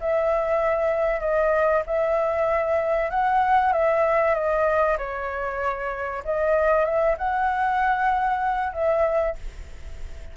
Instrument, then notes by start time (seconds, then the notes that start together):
flute
0.00 E5
1.20 D#5
1.86 E5
3.10 F#5
3.72 E5
4.34 D#5
4.98 C#5
6.24 D#5
6.85 E5
7.18 F#5
8.73 E5